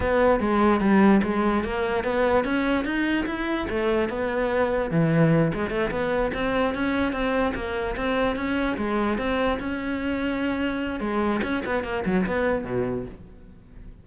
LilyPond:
\new Staff \with { instrumentName = "cello" } { \time 4/4 \tempo 4 = 147 b4 gis4 g4 gis4 | ais4 b4 cis'4 dis'4 | e'4 a4 b2 | e4. gis8 a8 b4 c'8~ |
c'8 cis'4 c'4 ais4 c'8~ | c'8 cis'4 gis4 c'4 cis'8~ | cis'2. gis4 | cis'8 b8 ais8 fis8 b4 b,4 | }